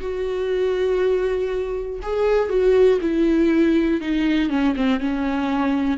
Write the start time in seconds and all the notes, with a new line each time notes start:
0.00 F#4
2.02 G#4
2.49 F#4
3.01 E4
4.01 D#4
4.50 C#4
4.76 C4
5.00 C#4